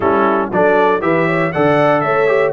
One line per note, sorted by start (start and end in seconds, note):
0.00 0.49 G3
0.00 0.51 C#4
0.00 0.51 E4
0.00 0.50 A4
0.51 1.02 F#3
0.51 1.00 D4
0.51 1.02 A4
0.51 1.01 D5
1.00 1.53 E3
1.00 1.51 G4
1.00 1.26 B4
1.00 1.52 E5
1.26 1.52 C#5
1.52 2.04 D3
1.52 2.27 A4
1.52 2.03 D5
1.52 2.01 F#5
2.01 2.52 A3
2.01 2.52 C#5
2.01 2.51 E5
2.27 2.52 G4